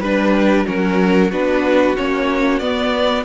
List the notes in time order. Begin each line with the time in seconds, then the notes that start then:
0.00 G3 D4 B4
0.37 G4
0.67 F#3 C#4 F#4 A#4
1.32 B3 D4 B4
1.97 A#3 C#4 C#5
2.60 B3 D5